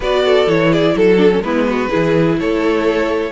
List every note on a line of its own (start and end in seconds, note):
0.00 0.46 B3
0.00 0.48 F#4
0.00 0.24 B4
0.00 0.49 D5
0.24 0.71 A4
0.46 0.94 E3
0.46 1.17 E4
0.46 0.72 C#5
0.71 0.95 G#4
0.71 0.96 D5
0.95 1.40 F#3
0.95 1.42 A4
0.95 1.44 A4
1.17 1.29 D4
1.30 1.42 C#4
1.40 1.87 G#3
1.40 1.88 B3
1.40 1.68 E4
1.40 2.38 B4
1.69 1.90 F#4
1.88 3.31 E4
1.88 2.37 G#4
1.95 2.40 E3
2.39 3.32 A3
2.39 3.32 A4
2.39 3.32 C#5